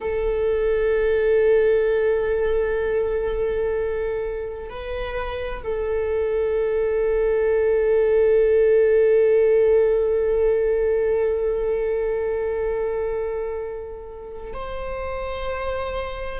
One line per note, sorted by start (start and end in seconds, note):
0.00 4.69 A4
4.69 5.63 B4
5.63 14.53 A4
14.53 16.40 C5